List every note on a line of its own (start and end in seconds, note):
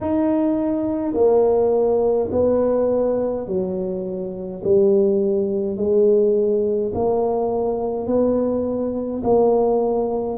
0.00 1.14 D#4
1.14 2.29 A#3
2.31 3.47 B3
3.47 4.62 F#3
4.64 5.76 G3
5.76 6.92 G#3
6.94 8.07 A#3
8.07 9.22 B3
9.23 10.38 A#3